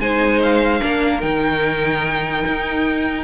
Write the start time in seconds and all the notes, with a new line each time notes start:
0.00 G#3 D#4 C5 G#5
0.42 F5
0.81 A#3 D4 A#4
1.21 D#3 D#4 G5
2.46 D#4